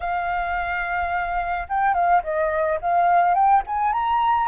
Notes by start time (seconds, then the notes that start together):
0.00 F5
1.68 G5
1.93 F5
2.23 D#5
2.81 F5
3.34 G5
3.67 G#5
3.93 A#5